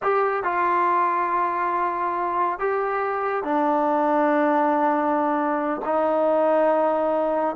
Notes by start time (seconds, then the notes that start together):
0.02 G4
0.43 F4
2.59 G4
3.43 D4
5.84 D#4